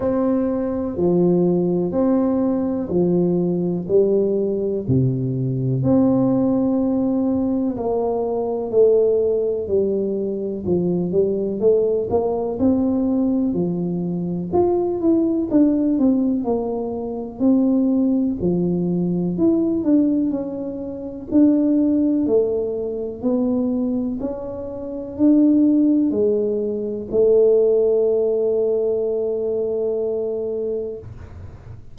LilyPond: \new Staff \with { instrumentName = "tuba" } { \time 4/4 \tempo 4 = 62 c'4 f4 c'4 f4 | g4 c4 c'2 | ais4 a4 g4 f8 g8 | a8 ais8 c'4 f4 f'8 e'8 |
d'8 c'8 ais4 c'4 f4 | e'8 d'8 cis'4 d'4 a4 | b4 cis'4 d'4 gis4 | a1 | }